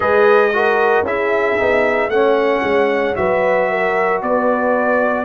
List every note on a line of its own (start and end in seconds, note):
0.00 1.02 G#3
0.00 0.51 G#4
0.00 0.52 B4
0.00 1.05 D#5
0.53 1.05 F#4
0.53 1.06 A#4
1.02 1.54 C#4
1.02 1.57 E4
1.02 2.11 G#4
1.02 2.10 E5
1.57 2.08 B3
1.57 2.10 D#4
2.08 2.61 A3
2.08 3.15 C#4
2.08 3.18 C#5
2.08 3.15 F#5
2.62 3.15 G#3
3.15 4.22 F#3
3.15 5.25 F#4
3.15 3.70 B4
3.15 4.21 E5
3.70 4.22 A#4
4.22 5.25 B3
4.22 5.25 B4
4.22 5.25 D5